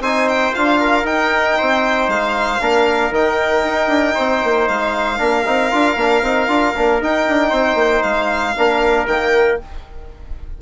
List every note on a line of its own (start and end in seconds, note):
0.00 0.52 C4
0.00 0.53 D#4
0.00 0.80 C5
0.00 0.28 G#5
0.28 0.54 G5
0.53 1.05 D4
0.53 1.05 F4
0.53 1.06 F5
0.80 1.58 A#4
1.05 2.60 D#4
1.05 1.56 D#4
1.05 2.10 G5
1.58 2.08 C4
1.58 2.61 C5
2.08 2.60 G#3
2.08 3.13 F5
2.61 3.11 A#3
2.61 3.13 D4
2.61 4.15 A#4
3.11 3.62 D#3
3.11 5.18 D#4
3.11 4.68 G5
3.64 3.88 D#4
3.88 4.14 D4
4.15 4.44 C4
4.15 5.19 C5
4.44 4.69 A#3
4.68 5.20 G#3
4.68 7.01 F5
5.18 5.46 A#3
5.18 5.44 D4
5.18 7.50 A#4
5.46 5.72 C4
5.46 5.71 D#4
5.71 5.96 D4
5.71 5.97 F4
5.96 6.22 A#3
5.96 6.24 D4
6.22 6.48 C4
6.22 6.49 D#4
6.48 6.74 D4
6.48 6.75 F4
6.76 7.02 A#3
6.76 7.01 D4
7.02 8.56 D#4
7.02 7.28 D#4
7.02 8.03 G5
7.28 7.52 D4
7.50 7.75 C4
7.50 8.53 C5
7.75 8.01 A#3
8.03 8.56 G#3
8.03 9.06 F5
8.56 9.07 A#3
8.56 9.08 D4
8.56 9.61 A#4
9.07 9.59 D#3
9.07 9.62 A#3
9.07 9.59 G5